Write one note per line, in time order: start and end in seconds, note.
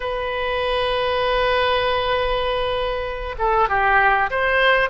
0.00 3.35 B4
3.38 3.68 A4
3.68 4.30 G4
4.30 4.89 C5